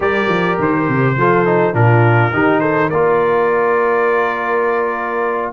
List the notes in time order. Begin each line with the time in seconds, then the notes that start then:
0.00 G3 G4 A#4 D5
0.27 F3
0.59 D#3 C5
0.88 C3
1.17 F3 F4 A4
1.45 D#4
1.73 A#2 D4 F4 A#4
2.32 D#3 D#4 G4
2.60 A4 C5
2.89 A#3 F4 A#4 D5